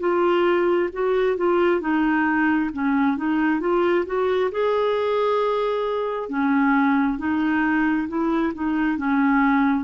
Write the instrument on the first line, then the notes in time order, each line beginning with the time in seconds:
clarinet
0.00 F4
0.93 F#4
1.37 F4
1.81 D#4
2.73 C#4
3.17 D#4
3.60 F4
4.06 F#4
4.51 G#4
6.29 C#4
7.18 D#4
8.08 E4
8.54 D#4
8.98 C#4